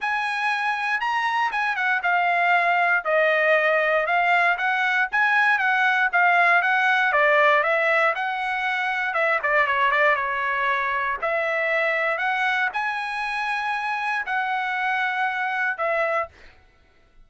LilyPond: \new Staff \with { instrumentName = "trumpet" } { \time 4/4 \tempo 4 = 118 gis''2 ais''4 gis''8 fis''8 | f''2 dis''2 | f''4 fis''4 gis''4 fis''4 | f''4 fis''4 d''4 e''4 |
fis''2 e''8 d''8 cis''8 d''8 | cis''2 e''2 | fis''4 gis''2. | fis''2. e''4 | }